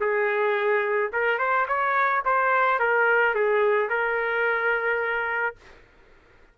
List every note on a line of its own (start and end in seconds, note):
0.00 1.11 G#4
1.12 1.39 A#4
1.39 1.66 C5
1.68 2.23 C#5
2.25 2.79 C5
2.79 3.34 A#4
3.34 3.89 G#4
3.89 5.56 A#4